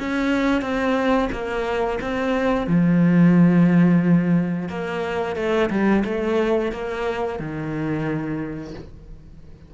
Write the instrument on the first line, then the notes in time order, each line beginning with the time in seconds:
cello
0.00 C#4
0.62 C4
1.32 A#3
2.02 C4
2.67 F3
4.69 A#3
5.36 A3
5.70 G3
6.05 A3
6.72 A#3
7.39 D#3